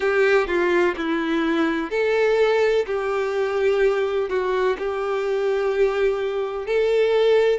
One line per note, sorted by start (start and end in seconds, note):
0.00 0.47 G4
0.47 0.94 F4
0.96 1.90 E4
1.90 2.85 A4
2.86 4.29 G4
4.29 4.77 F#4
4.78 6.66 G4
6.66 7.59 A4